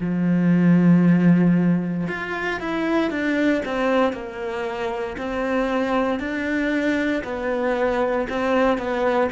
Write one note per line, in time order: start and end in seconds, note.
0.00 2.07 F3
2.08 2.60 F4
2.60 3.10 E4
3.10 3.62 D4
3.64 4.12 C4
4.12 5.16 A#3
5.17 6.19 C4
6.19 7.23 D4
7.24 8.27 B3
8.29 8.77 C4
8.77 9.29 B3